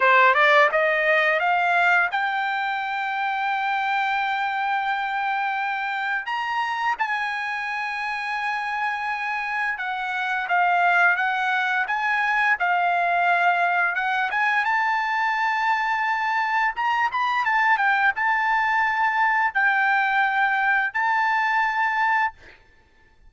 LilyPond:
\new Staff \with { instrumentName = "trumpet" } { \time 4/4 \tempo 4 = 86 c''8 d''8 dis''4 f''4 g''4~ | g''1~ | g''4 ais''4 gis''2~ | gis''2 fis''4 f''4 |
fis''4 gis''4 f''2 | fis''8 gis''8 a''2. | ais''8 b''8 a''8 g''8 a''2 | g''2 a''2 | }